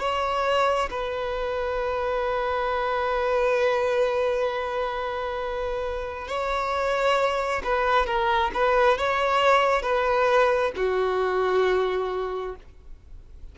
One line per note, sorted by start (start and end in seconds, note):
0.00 0.90 C#5
0.91 6.28 B4
6.28 7.62 C#5
7.64 8.07 B4
8.07 8.52 A#4
8.54 8.98 B4
8.98 9.83 C#5
9.83 10.72 B4
10.77 12.56 F#4